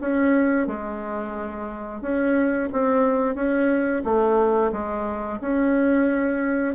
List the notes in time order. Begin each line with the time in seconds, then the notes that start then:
0.00 C#4
0.67 G#3
2.01 C#4
2.72 C4
3.35 C#4
4.04 A3
4.72 G#3
5.41 C#4